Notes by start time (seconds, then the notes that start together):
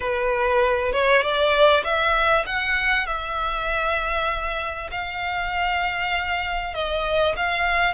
0.00 B4
0.92 C#5
1.22 D5
1.84 E5
2.46 F#5
3.06 E5
4.91 F5
6.73 D#5
7.36 F5